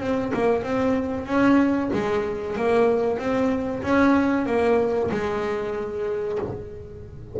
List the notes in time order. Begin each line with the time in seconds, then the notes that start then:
0.00 C4
0.33 A#3
0.63 C4
1.26 C#4
1.93 G#3
2.56 A#3
3.18 C4
3.82 C#4
4.46 A#3
5.11 G#3